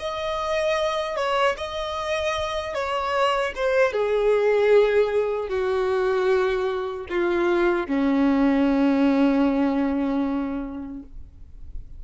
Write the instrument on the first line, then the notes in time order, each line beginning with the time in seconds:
violin
0.00 D#5
1.17 C#5
1.58 D#5
2.75 C#5
3.56 C5
3.93 G#4
5.49 F#4
7.10 F4
7.87 C#4